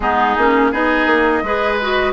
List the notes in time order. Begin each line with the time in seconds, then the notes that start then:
0.00 G#3 B3 D#4 G#4
0.37 A#3 C#4
0.71 B3 D#4 G#4 D#5
1.06 A#3
1.42 G#3 G#4 B4
1.81 F#4